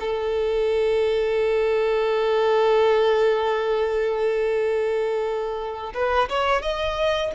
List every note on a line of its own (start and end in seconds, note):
0.00 5.93 A4
5.94 6.29 B4
6.29 6.62 C#5
6.62 7.32 D#5